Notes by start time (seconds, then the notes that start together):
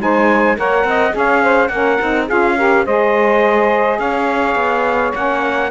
0.00 G#3 D#4 C5 G#5
0.57 A#3 A#4 C#5 F#5
0.84 C4 D#5
1.11 C#4 G#4 C#5
1.18 F5
1.43 C5
1.68 A#3 C#4 F#5
1.75 A#4
2.01 C4 D#4
2.26 C#4 F4 G#4 F5
2.57 G4 A#4
2.85 G#3 G#4 C5 D#5
3.99 C#4 C#5 F5
4.55 B3
5.14 A#3 C#4 F#5